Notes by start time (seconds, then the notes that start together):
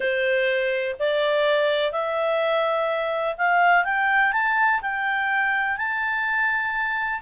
0.00 C5
0.99 D5
1.91 E5
3.37 F5
3.84 G5
4.32 A5
4.81 G5
5.77 A5